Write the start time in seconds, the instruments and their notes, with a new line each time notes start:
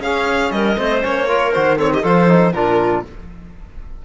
0.00 cello C#4, trombone C#4, clarinet G#4, violin F5
0.51 cello G3, clarinet A#4, violin D#5
0.77 cello A3, trombone C4, clarinet C5
1.01 cello A#3, trombone C#4, violin C#5
1.28 trombone F4, clarinet A#4
1.53 cello D#3, trombone F#4, violin C5
1.77 trombone C4, clarinet A4, violin C#5
1.93 clarinet G4, violin D#5
2.02 cello F3, trombone F4, clarinet A4, violin C5
2.28 trombone D#4
2.52 cello A#2, trombone D4, clarinet F4, violin A#4